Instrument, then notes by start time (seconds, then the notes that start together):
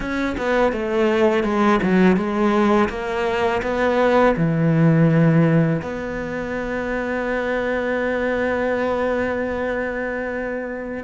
cello
0.00 C#4
0.37 B3
0.72 A3
1.43 G#3
1.82 F#3
2.16 G#3
2.89 A#3
3.62 B3
4.37 E3
5.82 B3